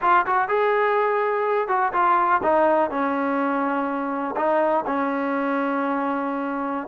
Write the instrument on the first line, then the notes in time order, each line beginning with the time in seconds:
trombone
0.01 F4
0.26 F#4
0.48 G#4
1.68 F#4
1.92 F4
2.42 D#4
2.90 C#4
4.36 D#4
4.86 C#4